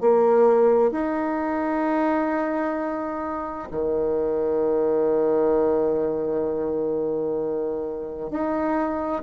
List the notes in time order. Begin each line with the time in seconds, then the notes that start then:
0.00 A#3
0.91 D#4
3.71 D#3
8.30 D#4